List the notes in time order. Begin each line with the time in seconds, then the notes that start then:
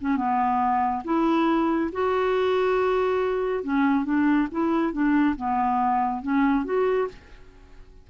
0.00 C#4
0.16 B3
1.04 E4
1.92 F#4
3.63 C#4
4.04 D4
4.51 E4
4.92 D4
5.36 B3
6.22 C#4
6.64 F#4